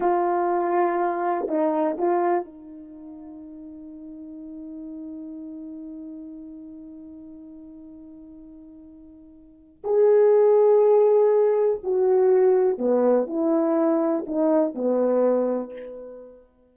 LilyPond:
\new Staff \with { instrumentName = "horn" } { \time 4/4 \tempo 4 = 122 f'2. dis'4 | f'4 dis'2.~ | dis'1~ | dis'1~ |
dis'1 | gis'1 | fis'2 b4 e'4~ | e'4 dis'4 b2 | }